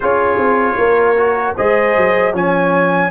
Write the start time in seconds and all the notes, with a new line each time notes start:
0.00 C#4 F4 G#4 C#5
0.37 C4
0.77 A#3 A#4
1.16 F#4
1.55 G#3 G#4 C5 D#5
1.96 F#3
2.32 F3 C#4 C#5 G#5